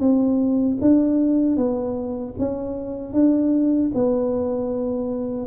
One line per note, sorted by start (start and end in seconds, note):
0.00 0.78 C4
0.81 1.57 D4
1.57 2.35 B3
2.39 3.13 C#4
3.13 3.91 D4
3.94 5.47 B3